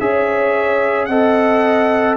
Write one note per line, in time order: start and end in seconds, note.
0.00 1.08 C#4
0.00 1.09 G#4
0.00 1.09 C#5
0.00 1.06 E5
1.06 2.17 C4
1.06 2.17 A4
1.06 2.17 D#5
1.06 2.15 F#5